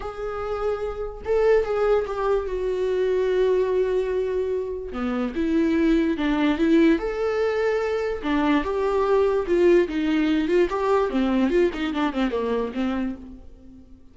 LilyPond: \new Staff \with { instrumentName = "viola" } { \time 4/4 \tempo 4 = 146 gis'2. a'4 | gis'4 g'4 fis'2~ | fis'1 | b4 e'2 d'4 |
e'4 a'2. | d'4 g'2 f'4 | dis'4. f'8 g'4 c'4 | f'8 dis'8 d'8 c'8 ais4 c'4 | }